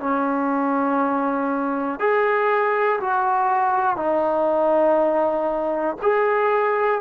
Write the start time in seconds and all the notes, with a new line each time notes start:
0.00 C#4
2.00 G#4
3.01 F#4
3.97 D#4
6.02 G#4